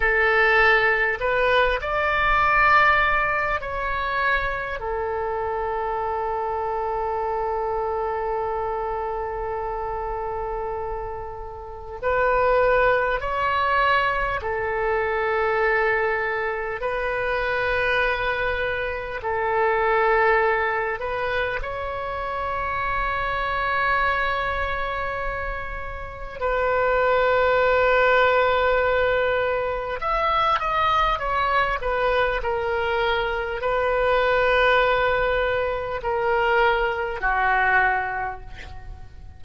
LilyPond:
\new Staff \with { instrumentName = "oboe" } { \time 4/4 \tempo 4 = 50 a'4 b'8 d''4. cis''4 | a'1~ | a'2 b'4 cis''4 | a'2 b'2 |
a'4. b'8 cis''2~ | cis''2 b'2~ | b'4 e''8 dis''8 cis''8 b'8 ais'4 | b'2 ais'4 fis'4 | }